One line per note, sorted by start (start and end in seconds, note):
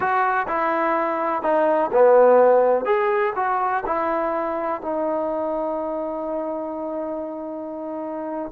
0.00 0.46 F#4
0.47 1.42 E4
1.42 1.90 D#4
1.92 2.85 B3
2.85 3.33 G#4
3.35 3.83 F#4
3.86 4.81 E4
4.81 8.52 D#4